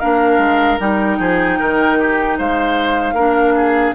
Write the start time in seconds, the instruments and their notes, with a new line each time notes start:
0.00 bassoon A#3, clarinet D4, oboe A#4, flute F5
0.39 bassoon G#3
0.80 bassoon G3, clarinet D#4, flute G5
1.20 bassoon F3, oboe G#4
1.60 bassoon D#3, oboe A#4
2.00 oboe G4
2.38 bassoon G#3, oboe C5, flute F5
3.13 bassoon A#3, clarinet D4, oboe A#4
3.56 oboe G#4